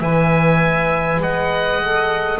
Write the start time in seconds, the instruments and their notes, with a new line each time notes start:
0.00 double bass E3, saxophone B4, viola E5, oboe G#5
1.18 double bass G#3, viola D#5, oboe F#5
1.81 saxophone A4